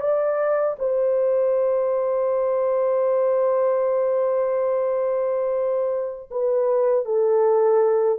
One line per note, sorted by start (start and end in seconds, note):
0.00 0.76 D5
0.79 6.29 C5
6.30 7.05 B4
7.05 8.18 A4